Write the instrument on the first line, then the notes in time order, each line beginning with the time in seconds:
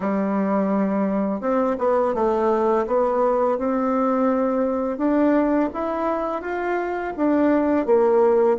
bassoon
0.00 G3
1.41 C4
1.78 B3
2.14 A3
2.86 B3
3.57 C4
4.97 D4
5.73 E4
6.41 F4
7.16 D4
7.86 A#3